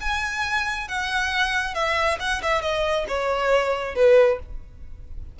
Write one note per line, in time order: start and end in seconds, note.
0.00 0.88 G#5
0.88 1.74 F#5
1.74 2.18 E5
2.20 2.41 F#5
2.42 2.61 E5
2.61 3.05 D#5
3.08 3.95 C#5
3.95 4.39 B4